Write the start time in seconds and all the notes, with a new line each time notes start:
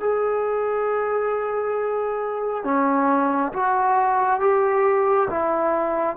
0.00 G#4
2.64 C#4
3.53 F#4
4.40 G4
5.30 E4